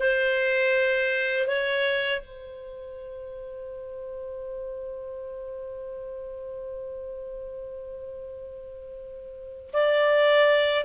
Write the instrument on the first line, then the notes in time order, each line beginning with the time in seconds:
clarinet
0.00 C5
1.48 C#5
2.21 C5
9.73 D5